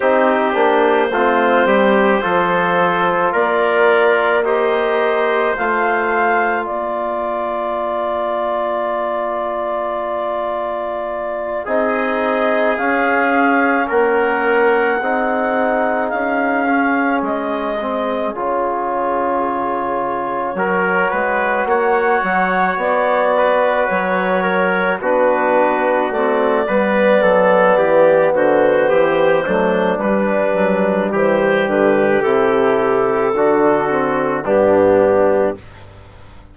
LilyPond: <<
  \new Staff \with { instrumentName = "clarinet" } { \time 4/4 \tempo 4 = 54 c''2. d''4 | dis''4 f''4 d''2~ | d''2~ d''8 dis''4 f''8~ | f''8 fis''2 f''4 dis''8~ |
dis''8 cis''2. fis''8~ | fis''8 d''4 cis''4 b'4 d''8~ | d''4. c''4. b'4 | c''8 b'8 a'2 g'4 | }
  \new Staff \with { instrumentName = "trumpet" } { \time 4/4 g'4 f'8 g'8 a'4 ais'4 | c''2 ais'2~ | ais'2~ ais'8 gis'4.~ | gis'8 ais'4 gis'2~ gis'8~ |
gis'2~ gis'8 ais'8 b'8 cis''8~ | cis''4 b'4 ais'8 fis'4. | b'8 a'8 g'8 fis'8 g'8 d'4. | g'2 fis'4 d'4 | }
  \new Staff \with { instrumentName = "trombone" } { \time 4/4 dis'8 d'8 c'4 f'2 | g'4 f'2.~ | f'2~ f'8 dis'4 cis'8~ | cis'4. dis'4. cis'4 |
c'8 f'2 fis'4.~ | fis'2~ fis'8 d'4 c'8 | b2~ b8 a8 g4~ | g4 e'4 d'8 c'8 b4 | }
  \new Staff \with { instrumentName = "bassoon" } { \time 4/4 c'8 ais8 a8 g8 f4 ais4~ | ais4 a4 ais2~ | ais2~ ais8 c'4 cis'8~ | cis'8 ais4 c'4 cis'4 gis8~ |
gis8 cis2 fis8 gis8 ais8 | fis8 b4 fis4 b4 a8 | g8 fis8 e8 d8 e8 fis8 g8 fis8 | e8 d8 c4 d4 g,4 | }
>>